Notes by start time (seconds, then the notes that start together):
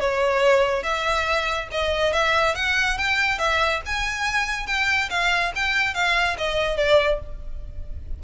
0.00 C#5
0.83 E5
1.72 D#5
2.13 E5
2.55 F#5
2.98 G5
3.39 E5
3.86 G#5
4.67 G5
5.10 F5
5.56 G5
5.94 F5
6.38 D#5
6.77 D5